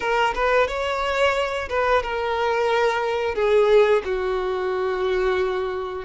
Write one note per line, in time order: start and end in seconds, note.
0.00 0.34 A#4
0.34 0.67 B4
0.67 1.68 C#5
1.69 2.02 B4
2.02 3.34 A#4
3.34 4.02 G#4
4.04 6.04 F#4